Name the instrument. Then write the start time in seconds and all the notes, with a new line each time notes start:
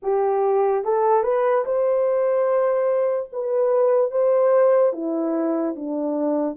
horn
0.02 G4
0.84 A4
1.23 B4
1.65 C5
3.32 B4
4.11 C5
4.92 E4
5.75 D4